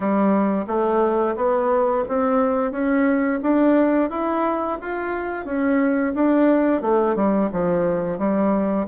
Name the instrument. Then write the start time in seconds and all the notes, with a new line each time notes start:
bassoon
0.00 G3
0.67 A3
1.35 B3
2.08 C4
2.71 C#4
3.42 D4
4.09 E4
4.81 F4
5.45 C#4
6.14 D4
6.81 A3
7.15 G3
7.52 F3
8.18 G3